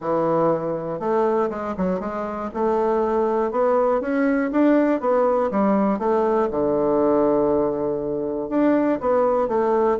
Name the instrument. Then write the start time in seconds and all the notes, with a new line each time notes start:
bassoon
0.00 E3
0.99 A3
1.50 G#3
1.77 F#3
2.00 G#3
2.53 A3
3.51 B3
4.00 C#4
4.51 D4
5.00 B3
5.50 G3
5.99 A3
6.50 D3
8.49 D4
9.00 B3
9.47 A3